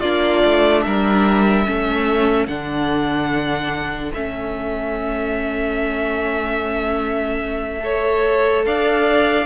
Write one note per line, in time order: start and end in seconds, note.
0.00 0.43 A#3
0.00 1.65 D4
0.00 0.82 F4
0.00 0.82 D5
0.44 0.85 A3
0.82 1.67 G3
0.82 1.65 A#4
0.82 2.46 E5
1.65 2.47 A3
1.65 2.47 C#4
1.65 7.82 A4
2.47 4.11 D3
2.47 4.13 D4
2.47 4.11 F#5
4.13 8.66 A3
4.13 7.79 C#4
4.13 8.65 E5
7.79 9.44 A4
7.79 8.65 C#5
8.65 9.46 D4
8.65 9.46 D5
8.65 9.46 F5